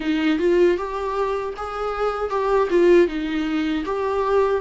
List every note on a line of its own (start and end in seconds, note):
0.00 0.38 D#4
0.38 0.77 F4
0.77 1.54 G4
1.56 2.29 G#4
2.29 2.68 G4
2.70 3.07 F4
3.07 3.84 D#4
3.85 4.61 G4